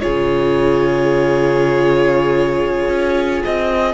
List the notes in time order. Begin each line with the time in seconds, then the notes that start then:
0.00 C#3 F4 G#4 C#5
2.89 C#4
3.45 C4 D#5